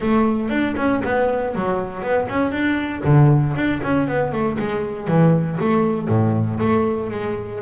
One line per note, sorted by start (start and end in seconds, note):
0.00 0.49 A3
0.49 0.75 D4
0.76 1.01 C#4
1.04 1.55 B3
1.55 2.02 F#3
2.02 2.27 B3
2.28 2.51 C#4
2.51 3.02 D4
3.04 3.55 D3
3.55 3.81 D4
3.83 4.07 C#4
4.07 4.32 B3
4.32 4.57 A3
4.58 5.07 G#3
5.07 5.58 E3
5.60 6.08 A3
6.08 6.59 A2
6.59 7.10 A3
7.10 7.61 G#3